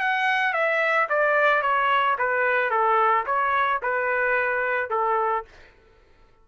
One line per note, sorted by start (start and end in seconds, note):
0.00 0.53 F#5
0.53 1.08 E5
1.09 1.62 D5
1.62 2.16 C#5
2.18 2.70 B4
2.70 3.25 A4
3.26 3.81 C#5
3.82 4.90 B4
4.90 5.44 A4